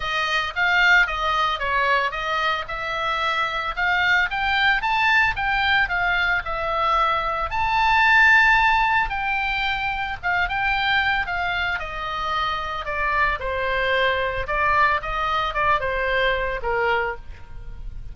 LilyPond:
\new Staff \with { instrumentName = "oboe" } { \time 4/4 \tempo 4 = 112 dis''4 f''4 dis''4 cis''4 | dis''4 e''2 f''4 | g''4 a''4 g''4 f''4 | e''2 a''2~ |
a''4 g''2 f''8 g''8~ | g''4 f''4 dis''2 | d''4 c''2 d''4 | dis''4 d''8 c''4. ais'4 | }